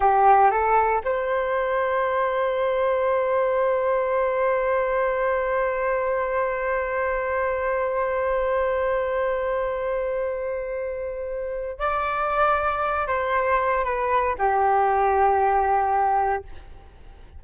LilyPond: \new Staff \with { instrumentName = "flute" } { \time 4/4 \tempo 4 = 117 g'4 a'4 c''2~ | c''1~ | c''1~ | c''1~ |
c''1~ | c''2. d''4~ | d''4. c''4. b'4 | g'1 | }